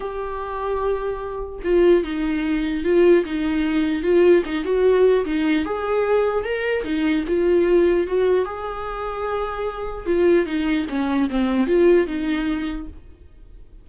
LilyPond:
\new Staff \with { instrumentName = "viola" } { \time 4/4 \tempo 4 = 149 g'1 | f'4 dis'2 f'4 | dis'2 f'4 dis'8 fis'8~ | fis'4 dis'4 gis'2 |
ais'4 dis'4 f'2 | fis'4 gis'2.~ | gis'4 f'4 dis'4 cis'4 | c'4 f'4 dis'2 | }